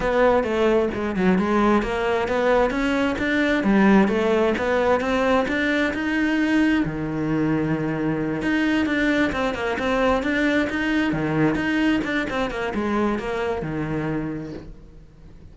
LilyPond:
\new Staff \with { instrumentName = "cello" } { \time 4/4 \tempo 4 = 132 b4 a4 gis8 fis8 gis4 | ais4 b4 cis'4 d'4 | g4 a4 b4 c'4 | d'4 dis'2 dis4~ |
dis2~ dis8 dis'4 d'8~ | d'8 c'8 ais8 c'4 d'4 dis'8~ | dis'8 dis4 dis'4 d'8 c'8 ais8 | gis4 ais4 dis2 | }